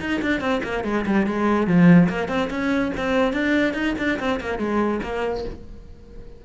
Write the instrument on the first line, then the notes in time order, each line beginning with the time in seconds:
cello
0.00 D#4
0.22 D4
0.41 C4
0.63 A#3
0.84 G#3
1.06 G3
1.27 G#3
1.67 F3
2.09 A#3
2.28 C4
2.50 C#4
2.97 C4
3.33 D4
3.73 D#4
3.98 D4
4.19 C4
4.41 A#3
4.58 G#3
5.03 A#3